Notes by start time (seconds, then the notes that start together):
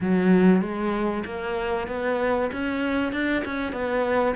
0.00 F#3
0.61 G#3
1.25 A#3
1.88 B3
2.52 C#4
3.12 D4
3.45 C#4
3.72 B3